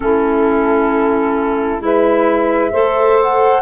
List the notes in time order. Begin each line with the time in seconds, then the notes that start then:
0.00 A3 C#4 E4 A4
1.79 G#3 E4 B4 E5
2.71 A3 A4 C5
3.21 F#5